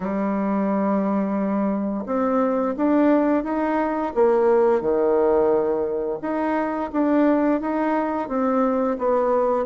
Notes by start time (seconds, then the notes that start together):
0.00 G3
2.06 C4
2.76 D4
3.43 D#4
4.14 A#3
4.81 D#3
6.21 D#4
6.92 D4
7.61 D#4
8.28 C4
8.98 B3